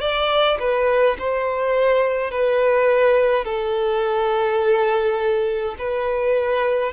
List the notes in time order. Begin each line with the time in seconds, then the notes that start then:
0.00 D5
0.59 B4
1.19 C5
2.31 B4
3.45 A4
5.78 B4